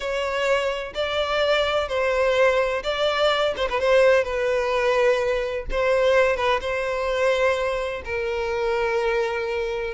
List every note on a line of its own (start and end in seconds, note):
0.00 0.93 C#5
0.94 1.88 D5
1.88 2.82 C5
2.83 3.54 D5
3.56 3.68 C5
3.69 3.80 B4
3.80 4.24 C5
4.24 5.65 B4
5.71 6.36 C5
6.36 6.60 B4
6.60 8.02 C5
8.04 9.93 A#4